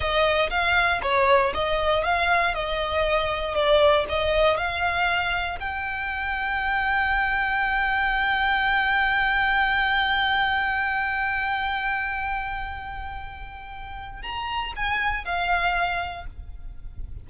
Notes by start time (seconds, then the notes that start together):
0.00 D#5
0.50 F5
1.02 C#5
1.54 D#5
2.03 F5
2.54 D#5
3.54 D5
4.08 D#5
4.57 F5
5.59 G5
14.22 A#5
14.76 G#5
15.24 F5